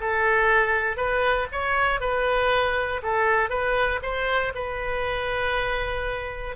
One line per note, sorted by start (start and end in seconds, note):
0.00 0.96 A4
0.96 1.47 B4
1.52 2.00 C#5
2.00 3.01 B4
3.02 3.49 A4
3.49 4.00 B4
4.02 4.52 C5
4.54 6.56 B4